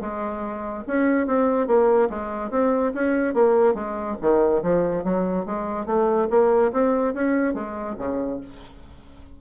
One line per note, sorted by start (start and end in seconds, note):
0.00 0.84 G#3
0.87 1.26 C#4
1.26 1.67 C4
1.67 2.09 A#3
2.09 2.50 G#3
2.50 2.92 C4
2.94 3.34 C#4
3.34 3.74 A#3
3.74 4.16 G#3
4.21 4.62 D#3
4.62 5.04 F3
5.04 5.45 F#3
5.45 5.86 G#3
5.86 6.28 A3
6.30 6.72 A#3
6.72 7.14 C4
7.14 7.54 C#4
7.54 7.96 G#3
7.98 8.40 C#3